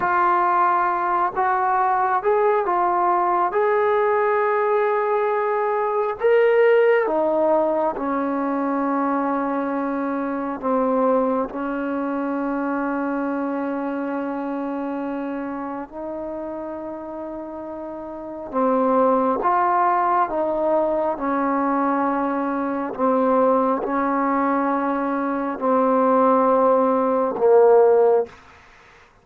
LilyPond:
\new Staff \with { instrumentName = "trombone" } { \time 4/4 \tempo 4 = 68 f'4. fis'4 gis'8 f'4 | gis'2. ais'4 | dis'4 cis'2. | c'4 cis'2.~ |
cis'2 dis'2~ | dis'4 c'4 f'4 dis'4 | cis'2 c'4 cis'4~ | cis'4 c'2 ais4 | }